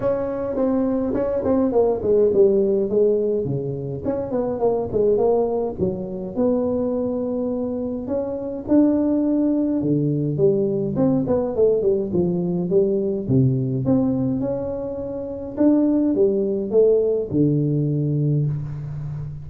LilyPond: \new Staff \with { instrumentName = "tuba" } { \time 4/4 \tempo 4 = 104 cis'4 c'4 cis'8 c'8 ais8 gis8 | g4 gis4 cis4 cis'8 b8 | ais8 gis8 ais4 fis4 b4~ | b2 cis'4 d'4~ |
d'4 d4 g4 c'8 b8 | a8 g8 f4 g4 c4 | c'4 cis'2 d'4 | g4 a4 d2 | }